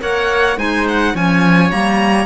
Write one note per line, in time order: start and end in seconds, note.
0.00 0.57 A#3
0.00 0.57 A#4
0.00 0.58 C#5
0.00 0.58 F#5
0.57 1.14 G#3
0.57 1.14 D#4
0.57 1.14 C5
0.57 0.87 G#5
0.88 1.16 F#5
1.14 1.71 F3
1.14 1.70 C#4
1.14 2.26 C#5
1.14 1.71 G#5
1.70 2.26 G3
1.70 2.26 A#3
1.70 2.26 A#5